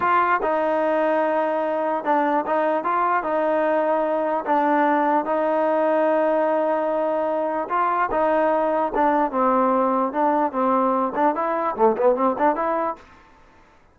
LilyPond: \new Staff \with { instrumentName = "trombone" } { \time 4/4 \tempo 4 = 148 f'4 dis'2.~ | dis'4 d'4 dis'4 f'4 | dis'2. d'4~ | d'4 dis'2.~ |
dis'2. f'4 | dis'2 d'4 c'4~ | c'4 d'4 c'4. d'8 | e'4 a8 b8 c'8 d'8 e'4 | }